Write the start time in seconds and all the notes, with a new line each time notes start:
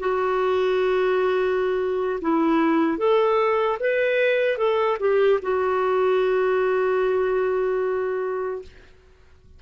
0.00 F#4
2.21 E4
2.99 A4
3.80 B4
4.58 A4
5.00 G4
5.43 F#4